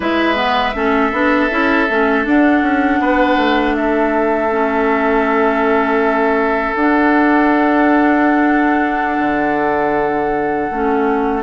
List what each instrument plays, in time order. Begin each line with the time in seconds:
0.00 bassoon G#3, clarinet E4, oboe B4, flute E5
0.35 clarinet B3
0.74 bassoon A3, clarinet C#4, oboe A4
1.12 bassoon B3, clarinet D4
1.50 bassoon C#4, clarinet E4
1.89 bassoon A3, clarinet C#4
2.23 clarinet D4, bassoon D4, flute F#5
2.61 bassoon C#4
3.00 bassoon B3, oboe B4
3.36 bassoon A3
3.75 oboe A4, flute E5
4.51 clarinet C#4
6.74 bassoon D4, clarinet D4, flute F#5
9.18 bassoon D3
10.70 bassoon A3, clarinet C#4